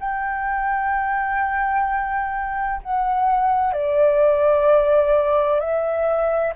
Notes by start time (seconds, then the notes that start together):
0.00 G5
2.83 F#5
3.73 D5
5.60 E5